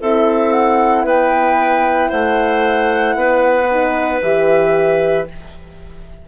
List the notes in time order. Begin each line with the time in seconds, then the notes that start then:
0.00 C4 E4 A4 E5
0.52 F#5
1.04 B3 B4 G5
2.09 A3 C5 F#5
3.15 B3 B4
3.71 D#4
4.22 E3 G4 E5